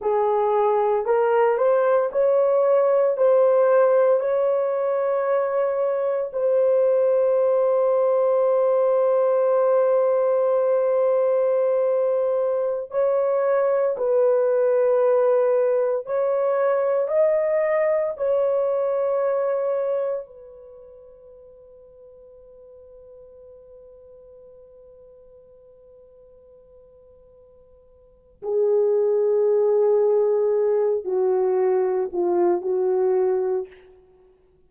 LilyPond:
\new Staff \with { instrumentName = "horn" } { \time 4/4 \tempo 4 = 57 gis'4 ais'8 c''8 cis''4 c''4 | cis''2 c''2~ | c''1~ | c''16 cis''4 b'2 cis''8.~ |
cis''16 dis''4 cis''2 b'8.~ | b'1~ | b'2. gis'4~ | gis'4. fis'4 f'8 fis'4 | }